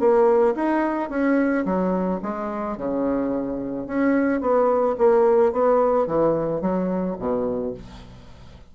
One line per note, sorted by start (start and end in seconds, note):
0.00 0.55 A#3
0.55 1.10 D#4
1.10 1.65 C#4
1.65 2.20 F#3
2.23 2.77 G#3
2.77 3.87 C#3
3.87 4.41 C#4
4.41 4.96 B3
4.98 5.53 A#3
5.53 6.07 B3
6.07 6.62 E3
6.62 7.17 F#3
7.19 7.74 B2